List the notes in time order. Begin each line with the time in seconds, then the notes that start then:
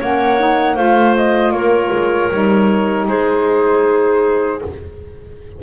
0.00 A#3 C#4 C#5 F#5
0.39 D#4
0.75 A3 F4 C5 F5
1.17 D#5
1.51 A#3 A#4 C#5
1.92 G#3
2.31 G3 D#4
3.08 G#3 G#4 C5